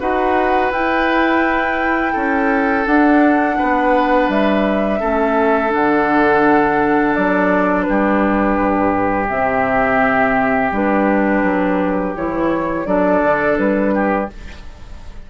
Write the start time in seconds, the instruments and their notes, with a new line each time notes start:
0.00 bassoon D#4, clarinet F#4, oboe B4, flute F#5
0.72 bassoon E4, clarinet E4, flute G5
2.13 bassoon C#4, oboe A4
2.86 clarinet D4, bassoon D4, flute F#5
3.58 bassoon B3, oboe B4
4.29 bassoon G3, flute E5
4.99 bassoon A3, clarinet C#4, oboe A4
5.69 clarinet D4, flute F#5
5.75 bassoon D3
7.15 bassoon F#3, flute D5
7.83 bassoon G3, oboe G4, flute B4
8.59 bassoon G2
9.29 bassoon C3, clarinet C4, flute E5
10.72 bassoon G3, clarinet D4, flute B4
11.43 bassoon F#3
12.16 bassoon E3, clarinet E4, flute C#5
12.85 bassoon F#3, clarinet D4, oboe A4, flute D5
13.23 bassoon D3
13.58 bassoon G3, flute B4
13.94 oboe G4